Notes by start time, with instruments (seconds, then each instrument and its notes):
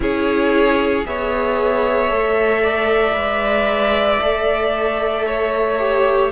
0.00 cello C#4, viola E4, violin G#4 C#5
1.04 cello B3, viola G#4, violin C#5 E5
2.09 cello A3, viola A4
2.62 violin D5
3.13 cello G#3, viola B4
4.21 cello A3, viola A4
5.27 violin C#5
5.78 viola G4